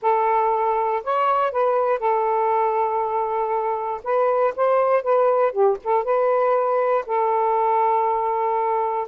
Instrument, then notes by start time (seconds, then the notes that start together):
saxophone
0.01 A4
1.03 C#5
1.51 B4
1.99 A4
4.03 B4
4.55 C5
5.02 B4
5.52 G4
5.84 A4
6.04 B4
7.06 A4